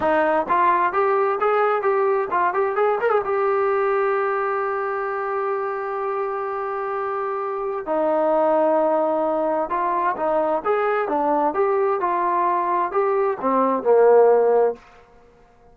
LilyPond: \new Staff \with { instrumentName = "trombone" } { \time 4/4 \tempo 4 = 130 dis'4 f'4 g'4 gis'4 | g'4 f'8 g'8 gis'8 ais'16 gis'16 g'4~ | g'1~ | g'1~ |
g'4 dis'2.~ | dis'4 f'4 dis'4 gis'4 | d'4 g'4 f'2 | g'4 c'4 ais2 | }